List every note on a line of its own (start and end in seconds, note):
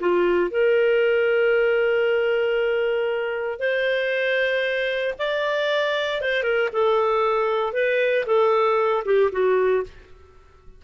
0.00 0.51 F4
0.51 3.59 A#4
3.59 5.14 C5
5.18 6.21 D5
6.21 6.43 C5
6.43 6.69 A#4
6.72 7.73 A4
7.73 8.25 B4
8.26 9.04 A4
9.05 9.31 G4
9.32 9.83 F#4